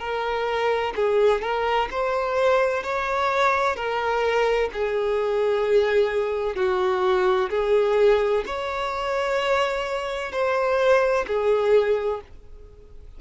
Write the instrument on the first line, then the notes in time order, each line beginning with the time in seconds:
violin
0.00 A#4
0.96 G#4
1.42 A#4
1.91 C5
2.83 C#5
3.76 A#4
4.73 G#4
6.56 F#4
7.50 G#4
8.47 C#5
10.33 C5
11.28 G#4